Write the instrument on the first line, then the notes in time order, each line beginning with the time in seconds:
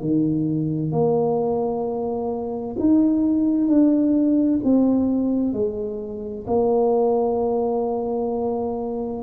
tuba
0.00 D#3
0.91 A#3
2.79 D#4
3.67 D4
4.64 C4
5.53 G#3
6.47 A#3